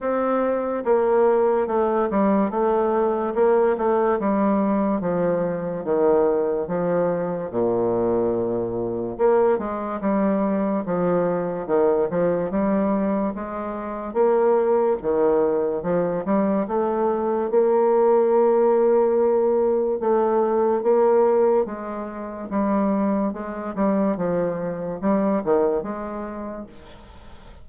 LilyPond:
\new Staff \with { instrumentName = "bassoon" } { \time 4/4 \tempo 4 = 72 c'4 ais4 a8 g8 a4 | ais8 a8 g4 f4 dis4 | f4 ais,2 ais8 gis8 | g4 f4 dis8 f8 g4 |
gis4 ais4 dis4 f8 g8 | a4 ais2. | a4 ais4 gis4 g4 | gis8 g8 f4 g8 dis8 gis4 | }